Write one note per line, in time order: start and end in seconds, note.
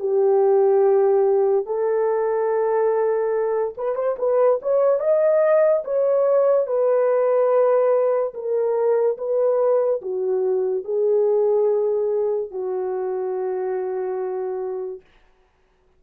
0.00 1.66 G4
1.66 3.75 A4
3.78 3.96 B4
3.96 4.17 C5
4.19 4.60 B4
4.62 5.00 C#5
5.00 5.83 D#5
5.85 6.67 C#5
6.67 8.34 B4
8.34 9.18 A#4
9.18 10.02 B4
10.02 10.85 F#4
10.85 12.51 G#4
12.51 15.01 F#4